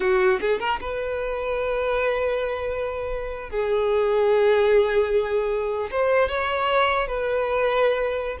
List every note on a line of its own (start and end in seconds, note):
0.00 0.39 F#4
0.40 0.59 G#4
0.59 0.79 A#4
0.80 3.49 B4
3.49 5.89 G#4
5.90 6.28 C5
6.28 7.07 C#5
7.07 8.37 B4